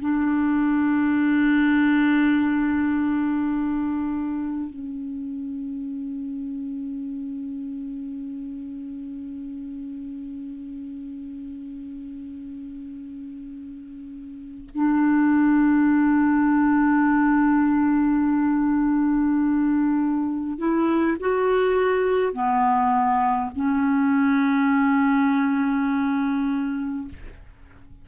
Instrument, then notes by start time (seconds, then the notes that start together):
clarinet
0.00 D4
4.70 C#4
14.74 D4
20.58 E4
21.20 F#4
22.33 B3
23.55 C#4